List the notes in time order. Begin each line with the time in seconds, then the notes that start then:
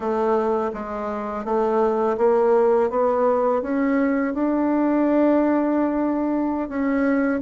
0.00 A3
0.73 G#3
1.44 A3
2.17 A#3
2.89 B3
3.61 C#4
4.34 D4
6.68 C#4